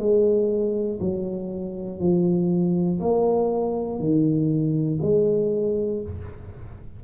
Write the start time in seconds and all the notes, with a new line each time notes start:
0.00 G#3
1.00 F#3
2.00 F3
3.00 A#3
4.00 D#3
5.02 G#3